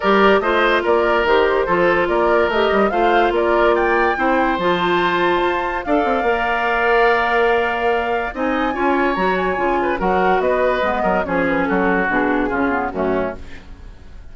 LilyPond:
<<
  \new Staff \with { instrumentName = "flute" } { \time 4/4 \tempo 4 = 144 d''4 dis''4 d''4 c''4~ | c''4 d''4 dis''4 f''4 | d''4 g''2 a''4~ | a''2 f''2~ |
f''1 | gis''2 ais''8 gis''4. | fis''4 dis''2 cis''8 b'8 | a'4 gis'2 fis'4 | }
  \new Staff \with { instrumentName = "oboe" } { \time 4/4 ais'4 c''4 ais'2 | a'4 ais'2 c''4 | ais'4 d''4 c''2~ | c''2 d''2~ |
d''1 | dis''4 cis''2~ cis''8 b'8 | ais'4 b'4. ais'8 gis'4 | fis'2 f'4 cis'4 | }
  \new Staff \with { instrumentName = "clarinet" } { \time 4/4 g'4 f'2 g'4 | f'2 g'4 f'4~ | f'2 e'4 f'4~ | f'2 a'4 ais'4~ |
ais'1 | dis'4 f'4 fis'4 f'4 | fis'2 b4 cis'4~ | cis'4 d'4 cis'8 b8 a4 | }
  \new Staff \with { instrumentName = "bassoon" } { \time 4/4 g4 a4 ais4 dis4 | f4 ais4 a8 g8 a4 | ais2 c'4 f4~ | f4 f'4 d'8 c'8 ais4~ |
ais1 | c'4 cis'4 fis4 cis4 | fis4 b4 gis8 fis8 f4 | fis4 b,4 cis4 fis,4 | }
>>